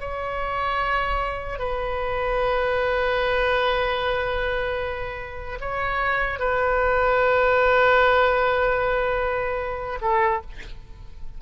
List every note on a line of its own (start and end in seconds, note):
0.00 1.59 C#5
1.59 5.59 B4
5.60 6.39 C#5
6.39 9.99 B4
10.01 10.41 A4